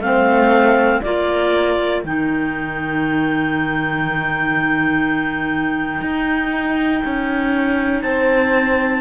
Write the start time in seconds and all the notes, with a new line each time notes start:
0.00 A3 C4 C5 F5
1.01 A#3 F4 A#4 D5
2.04 D#3 D#4 G5
6.01 D#4
7.05 C#4
8.02 C4 C5 A5